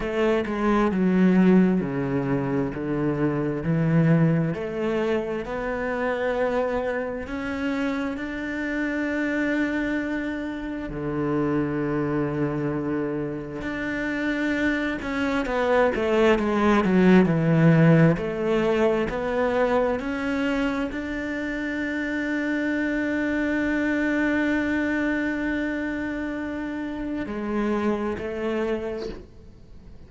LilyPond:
\new Staff \with { instrumentName = "cello" } { \time 4/4 \tempo 4 = 66 a8 gis8 fis4 cis4 d4 | e4 a4 b2 | cis'4 d'2. | d2. d'4~ |
d'8 cis'8 b8 a8 gis8 fis8 e4 | a4 b4 cis'4 d'4~ | d'1~ | d'2 gis4 a4 | }